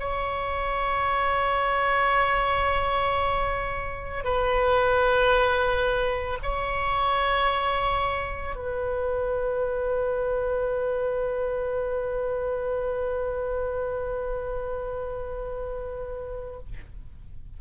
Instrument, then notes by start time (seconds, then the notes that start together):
oboe
0.00 C#5
4.24 B4
6.43 C#5
8.56 B4